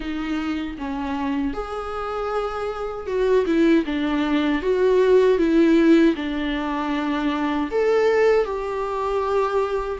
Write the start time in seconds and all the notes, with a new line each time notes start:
0.00 D#4
0.78 C#4
1.53 G#4
3.06 F#4
3.46 E4
3.85 D4
4.62 F#4
5.37 E4
6.15 D4
7.71 A4
8.44 G4